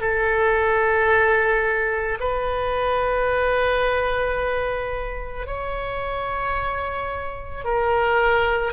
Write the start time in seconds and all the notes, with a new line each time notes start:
0.00 A4
2.19 B4
5.46 C#5
7.64 A#4